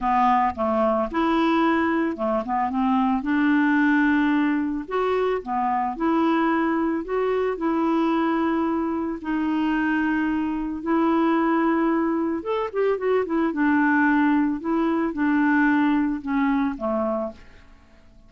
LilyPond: \new Staff \with { instrumentName = "clarinet" } { \time 4/4 \tempo 4 = 111 b4 a4 e'2 | a8 b8 c'4 d'2~ | d'4 fis'4 b4 e'4~ | e'4 fis'4 e'2~ |
e'4 dis'2. | e'2. a'8 g'8 | fis'8 e'8 d'2 e'4 | d'2 cis'4 a4 | }